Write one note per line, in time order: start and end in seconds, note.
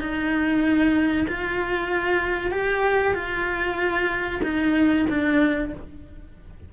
0.00 1.26 D#4
1.28 2.51 F4
2.51 3.14 G4
3.14 4.41 F4
4.43 5.06 D#4
5.09 5.72 D4